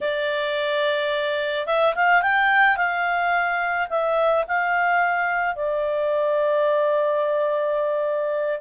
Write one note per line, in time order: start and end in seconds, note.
0.01 1.66 D5
1.66 1.94 E5
1.95 2.21 F5
2.21 2.77 G5
2.77 3.88 F5
3.89 4.44 E5
4.47 5.55 F5
5.55 8.61 D5